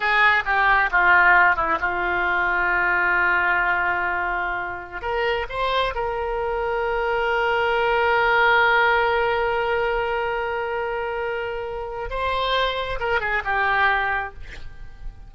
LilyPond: \new Staff \with { instrumentName = "oboe" } { \time 4/4 \tempo 4 = 134 gis'4 g'4 f'4. e'8 | f'1~ | f'2.~ f'16 ais'8.~ | ais'16 c''4 ais'2~ ais'8.~ |
ais'1~ | ais'1~ | ais'2. c''4~ | c''4 ais'8 gis'8 g'2 | }